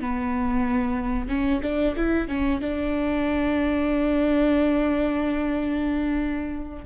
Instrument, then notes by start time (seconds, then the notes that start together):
viola
0.00 B3
1.28 C#4
1.62 D4
1.96 E4
2.28 C#4
2.60 D4